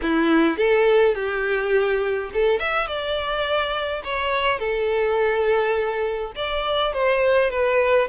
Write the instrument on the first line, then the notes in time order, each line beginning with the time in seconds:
violin
0.02 E4
0.57 A4
1.14 G4
2.33 A4
2.59 E5
2.87 D5
4.04 C#5
4.59 A4
6.35 D5
6.93 C5
7.50 B4